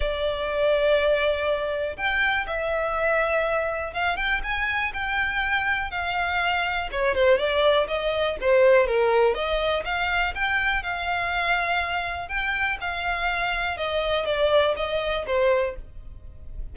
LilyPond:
\new Staff \with { instrumentName = "violin" } { \time 4/4 \tempo 4 = 122 d''1 | g''4 e''2. | f''8 g''8 gis''4 g''2 | f''2 cis''8 c''8 d''4 |
dis''4 c''4 ais'4 dis''4 | f''4 g''4 f''2~ | f''4 g''4 f''2 | dis''4 d''4 dis''4 c''4 | }